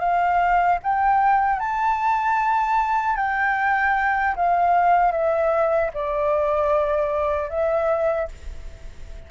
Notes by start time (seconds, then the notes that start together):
0.00 F5
0.83 G5
1.60 A5
3.17 G5
4.36 F5
5.12 E5
5.94 D5
7.50 E5